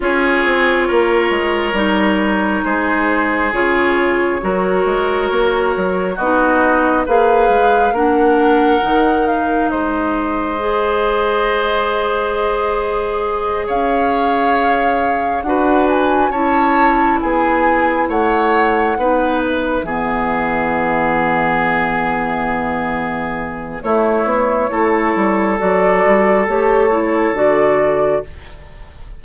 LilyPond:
<<
  \new Staff \with { instrumentName = "flute" } { \time 4/4 \tempo 4 = 68 cis''2. c''4 | cis''2. dis''4 | f''4 fis''4. f''8 dis''4~ | dis''2.~ dis''8 f''8~ |
f''4. fis''8 gis''8 a''4 gis''8~ | gis''8 fis''4. e''2~ | e''2. cis''4~ | cis''4 d''4 cis''4 d''4 | }
  \new Staff \with { instrumentName = "oboe" } { \time 4/4 gis'4 ais'2 gis'4~ | gis'4 ais'2 fis'4 | b'4 ais'2 c''4~ | c''2.~ c''8 cis''8~ |
cis''4. b'4 cis''4 gis'8~ | gis'8 cis''4 b'4 gis'4.~ | gis'2. e'4 | a'1 | }
  \new Staff \with { instrumentName = "clarinet" } { \time 4/4 f'2 dis'2 | f'4 fis'2 dis'4 | gis'4 d'4 dis'2 | gis'1~ |
gis'4. fis'4 e'4.~ | e'4. dis'4 b4.~ | b2. a4 | e'4 fis'4 g'8 e'8 fis'4 | }
  \new Staff \with { instrumentName = "bassoon" } { \time 4/4 cis'8 c'8 ais8 gis8 g4 gis4 | cis4 fis8 gis8 ais8 fis8 b4 | ais8 gis8 ais4 dis4 gis4~ | gis2.~ gis8 cis'8~ |
cis'4. d'4 cis'4 b8~ | b8 a4 b4 e4.~ | e2. a8 b8 | a8 g8 fis8 g8 a4 d4 | }
>>